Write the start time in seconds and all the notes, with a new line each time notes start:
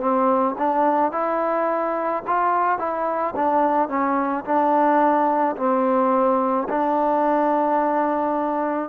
0.00 C4
0.58 D4
1.12 E4
2.27 F4
2.79 E4
3.36 D4
3.89 C#4
4.45 D4
5.57 C4
6.69 D4